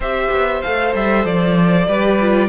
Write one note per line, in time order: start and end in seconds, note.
0.00 0.27 C4
0.00 0.63 G4
0.00 1.87 C5
0.00 0.61 E5
0.30 0.62 B3
0.61 0.94 A3
0.61 1.88 A4
0.61 0.93 F5
0.94 1.24 G3
0.94 1.25 E5
1.24 1.87 F3
1.24 2.48 D5
1.88 2.48 G3
1.88 2.19 G4
1.88 2.48 B4
2.20 2.48 F4